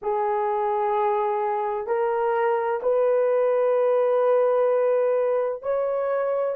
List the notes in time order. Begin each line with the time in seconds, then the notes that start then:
0.02 G#4
1.86 A#4
2.82 B4
5.62 C#5